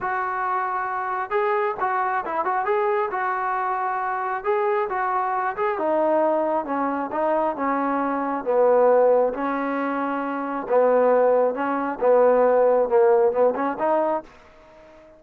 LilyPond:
\new Staff \with { instrumentName = "trombone" } { \time 4/4 \tempo 4 = 135 fis'2. gis'4 | fis'4 e'8 fis'8 gis'4 fis'4~ | fis'2 gis'4 fis'4~ | fis'8 gis'8 dis'2 cis'4 |
dis'4 cis'2 b4~ | b4 cis'2. | b2 cis'4 b4~ | b4 ais4 b8 cis'8 dis'4 | }